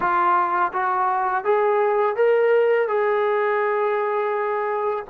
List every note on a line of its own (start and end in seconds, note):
0.00 0.72 F4
0.72 1.44 F#4
1.44 2.16 G#4
2.16 2.88 A#4
2.88 5.04 G#4